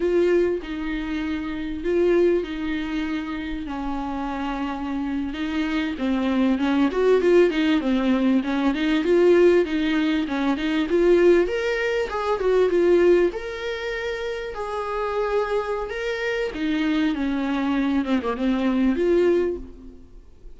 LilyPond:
\new Staff \with { instrumentName = "viola" } { \time 4/4 \tempo 4 = 98 f'4 dis'2 f'4 | dis'2 cis'2~ | cis'8. dis'4 c'4 cis'8 fis'8 f'16~ | f'16 dis'8 c'4 cis'8 dis'8 f'4 dis'16~ |
dis'8. cis'8 dis'8 f'4 ais'4 gis'16~ | gis'16 fis'8 f'4 ais'2 gis'16~ | gis'2 ais'4 dis'4 | cis'4. c'16 ais16 c'4 f'4 | }